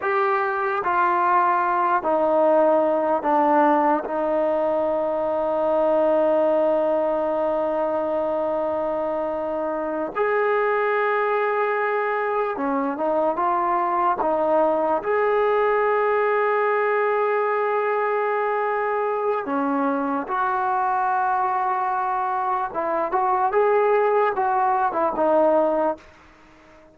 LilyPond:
\new Staff \with { instrumentName = "trombone" } { \time 4/4 \tempo 4 = 74 g'4 f'4. dis'4. | d'4 dis'2.~ | dis'1~ | dis'8 gis'2. cis'8 |
dis'8 f'4 dis'4 gis'4.~ | gis'1 | cis'4 fis'2. | e'8 fis'8 gis'4 fis'8. e'16 dis'4 | }